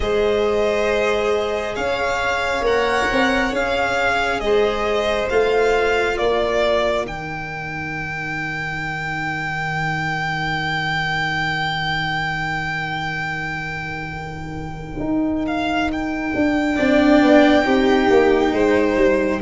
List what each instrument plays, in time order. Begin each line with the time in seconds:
0.00 tuba G#3, cello G#4, violin C5 D#5
1.75 tuba C#4, violin C#5 F5
2.61 tuba A#3, cello A#4, violin F#5
3.11 tuba C4
3.52 tuba C#4, cello G#4, violin F5
4.40 tuba G#3, violin C5 D#5
5.29 tuba A3, cello F4, violin F5
6.16 tuba A#3, violin A#4 D5
7.03 tuba D#3, cello D#4, violin G5
14.99 tuba D#4
15.47 violin F5
15.92 violin G5
16.34 tuba D4
16.75 tuba C4, cello D4, violin D5
17.21 tuba B3
17.62 tuba C4, cello D#4, violin G4
18.10 tuba A#3
18.52 tuba G#3, violin C5
18.96 tuba G3